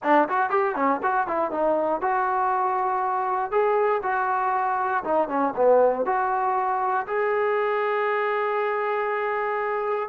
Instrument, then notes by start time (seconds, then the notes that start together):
trombone
0.03 D4
0.28 F#4
0.50 G4
0.75 C#4
1.02 F#4
1.27 E4
1.51 D#4
2.01 F#4
3.51 G#4
4.02 F#4
5.04 D#4
5.28 C#4
5.56 B3
6.05 F#4
7.07 G#4